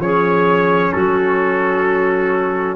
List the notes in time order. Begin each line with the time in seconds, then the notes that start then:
0.00 F3 C#4 G#4 C#5
0.93 F#3 F#4 A4